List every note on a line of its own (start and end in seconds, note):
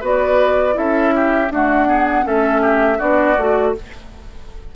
0.00 0.75 B3
0.00 0.73 F#4
0.00 0.74 B4
0.06 0.77 D5
0.73 1.50 C#4
0.73 1.47 E4
0.73 1.14 A4
0.73 1.51 E5
1.15 1.52 G4
1.50 1.86 A3
1.50 2.24 D4
1.50 1.87 F#4
1.50 2.27 F#5
1.86 2.23 B3
1.86 2.24 G#4
2.23 2.99 A3
2.23 2.97 C#4
2.23 2.61 A4
2.23 3.00 E5
2.61 2.97 G4
2.97 3.37 B3
2.97 3.36 D4
2.97 3.71 F#4
2.97 3.74 D5
3.37 3.74 A3
3.37 3.75 F#4